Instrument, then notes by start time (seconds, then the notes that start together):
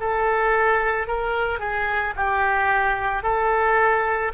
oboe
0.00 A4
1.07 A#4
1.60 G#4
2.16 G4
3.23 A4